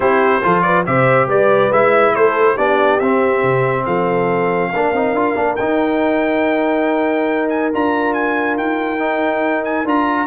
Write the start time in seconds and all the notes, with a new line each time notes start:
0.00 C4 E4 G4 C5
0.42 F3 F4 A4
0.61 B4 D5
0.86 C3 G4 C5 E5
1.27 G3 B4 D5
1.72 G#3 E4 E5
2.14 A3 A4 C5
2.53 B3 D4 G4 D5
2.99 C4 E5
3.42 C3
3.85 F3 A4 F5
4.73 A#3 D4 A#4
4.92 C4 D#4
5.12 D4 F4
5.35 A#3 D4
5.56 D#4 G5
7.49 G#5
7.73 D4 F4 A#5
8.13 G#5
8.57 D#4 G5
8.99 D#4
9.64 G#5
9.85 D4 F4 A#5